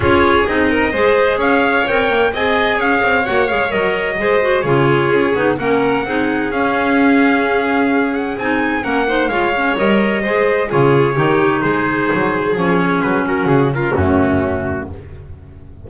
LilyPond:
<<
  \new Staff \with { instrumentName = "trumpet" } { \time 4/4 \tempo 4 = 129 cis''4 dis''2 f''4 | g''4 gis''4 f''4 fis''8 f''8 | dis''2 cis''2 | fis''2 f''2~ |
f''4. fis''8 gis''4 fis''4 | f''4 dis''2 cis''4~ | cis''4 c''2 cis''4 | b'8 ais'8 gis'8 ais'8 fis'2 | }
  \new Staff \with { instrumentName = "violin" } { \time 4/4 gis'4. ais'8 c''4 cis''4~ | cis''4 dis''4 cis''2~ | cis''4 c''4 gis'2 | ais'4 gis'2.~ |
gis'2. ais'8 c''8 | cis''2 c''4 gis'4 | g'4 gis'2.~ | gis'8 fis'4 f'8 cis'2 | }
  \new Staff \with { instrumentName = "clarinet" } { \time 4/4 f'4 dis'4 gis'2 | ais'4 gis'2 fis'8 gis'8 | ais'4 gis'8 fis'8 f'4. dis'8 | cis'4 dis'4 cis'2~ |
cis'2 dis'4 cis'8 dis'8 | f'8 cis'8 ais'4 gis'4 f'4 | dis'2. cis'4~ | cis'2 a2 | }
  \new Staff \with { instrumentName = "double bass" } { \time 4/4 cis'4 c'4 gis4 cis'4 | c'8 ais8 c'4 cis'8 c'8 ais8 gis8 | fis4 gis4 cis4 cis'8 b8 | ais4 c'4 cis'2~ |
cis'2 c'4 ais4 | gis4 g4 gis4 cis4 | dis4 gis4 fis4 f4 | fis4 cis4 fis,2 | }
>>